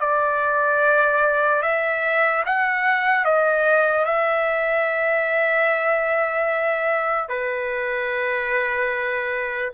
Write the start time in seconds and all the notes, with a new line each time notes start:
0.00 D5
1.62 E5
2.45 F#5
3.25 D#5
4.05 E5
7.29 B4